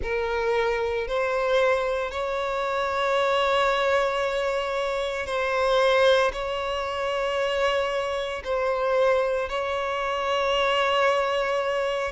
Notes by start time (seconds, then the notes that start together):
0.02 A#4
1.07 C5
2.11 C#5
5.26 C5
6.32 C#5
8.44 C5
9.49 C#5